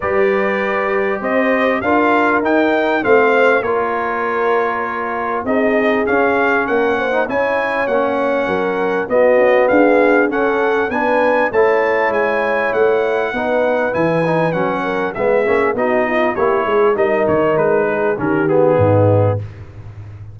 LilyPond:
<<
  \new Staff \with { instrumentName = "trumpet" } { \time 4/4 \tempo 4 = 99 d''2 dis''4 f''4 | g''4 f''4 cis''2~ | cis''4 dis''4 f''4 fis''4 | gis''4 fis''2 dis''4 |
f''4 fis''4 gis''4 a''4 | gis''4 fis''2 gis''4 | fis''4 e''4 dis''4 cis''4 | dis''8 cis''8 b'4 ais'8 gis'4. | }
  \new Staff \with { instrumentName = "horn" } { \time 4/4 b'2 c''4 ais'4~ | ais'4 c''4 ais'2~ | ais'4 gis'2 ais'8 c''8 | cis''2 ais'4 fis'4 |
gis'4 a'4 b'4 cis''4~ | cis''2 b'2~ | b'8 ais'8 gis'4 fis'8 f'8 g'8 gis'8 | ais'4. gis'8 g'4 dis'4 | }
  \new Staff \with { instrumentName = "trombone" } { \time 4/4 g'2. f'4 | dis'4 c'4 f'2~ | f'4 dis'4 cis'4.~ cis'16 dis'16 | e'4 cis'2 b4~ |
b4 cis'4 d'4 e'4~ | e'2 dis'4 e'8 dis'8 | cis'4 b8 cis'8 dis'4 e'4 | dis'2 cis'8 b4. | }
  \new Staff \with { instrumentName = "tuba" } { \time 4/4 g2 c'4 d'4 | dis'4 a4 ais2~ | ais4 c'4 cis'4 ais4 | cis'4 ais4 fis4 b8 cis'8 |
d'4 cis'4 b4 a4 | gis4 a4 b4 e4 | fis4 gis8 ais8 b4 ais8 gis8 | g8 dis8 gis4 dis4 gis,4 | }
>>